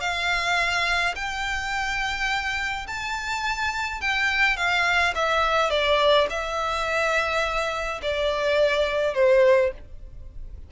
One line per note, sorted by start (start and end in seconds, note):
0.00 1.14 F5
1.15 2.86 G5
2.87 4.01 A5
4.01 4.56 G5
4.56 5.13 F5
5.15 5.70 E5
5.70 6.27 D5
6.29 8.01 E5
8.02 9.14 D5
9.14 9.71 C5